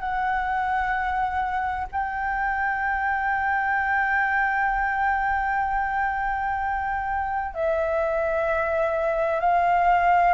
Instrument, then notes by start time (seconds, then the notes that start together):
flute
0.00 F#5
1.92 G5
7.55 E5
9.40 F5